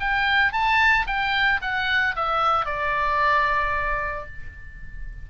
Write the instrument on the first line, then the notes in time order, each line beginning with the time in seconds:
oboe
0.00 G5
0.52 A5
1.07 G5
1.61 F#5
2.15 E5
2.65 D5